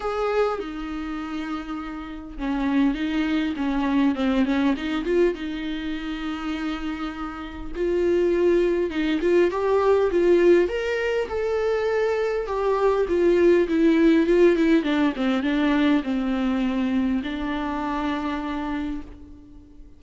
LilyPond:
\new Staff \with { instrumentName = "viola" } { \time 4/4 \tempo 4 = 101 gis'4 dis'2. | cis'4 dis'4 cis'4 c'8 cis'8 | dis'8 f'8 dis'2.~ | dis'4 f'2 dis'8 f'8 |
g'4 f'4 ais'4 a'4~ | a'4 g'4 f'4 e'4 | f'8 e'8 d'8 c'8 d'4 c'4~ | c'4 d'2. | }